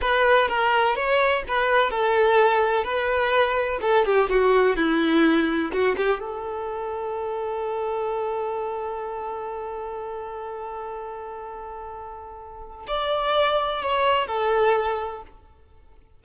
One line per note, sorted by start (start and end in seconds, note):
0.01 0.48 B4
0.48 0.95 A#4
0.95 1.43 C#5
1.47 1.90 B4
1.90 2.84 A4
2.84 3.79 B4
3.81 4.05 A4
4.05 4.29 G4
4.29 4.76 F#4
4.76 5.71 E4
5.71 5.95 F#4
5.96 6.19 G4
6.19 12.86 A4
12.87 13.82 D5
13.82 14.27 C#5
14.27 15.22 A4